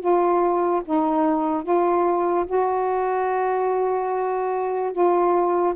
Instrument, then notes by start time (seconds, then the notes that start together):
saxophone
0.00 F4
0.85 D#4
1.64 F4
2.47 F#4
4.93 F4